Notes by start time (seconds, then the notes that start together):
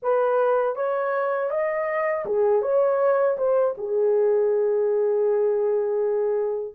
0.02 B4
0.75 C#5
1.50 D#5
2.25 G#4
2.62 C#5
3.37 C5
3.77 G#4